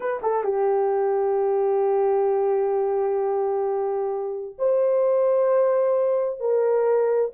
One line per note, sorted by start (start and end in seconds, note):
0.00 0.20 B4
0.22 0.43 A4
0.43 4.55 G4
4.58 6.40 C5
6.40 7.31 A#4